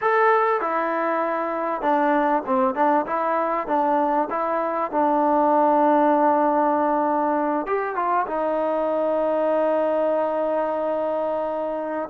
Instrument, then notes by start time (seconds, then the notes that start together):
trombone
0.01 A4
0.60 E4
1.81 D4
2.46 C4
2.74 D4
3.06 E4
3.67 D4
4.29 E4
4.91 D4
7.66 G4
7.95 F4
8.26 D#4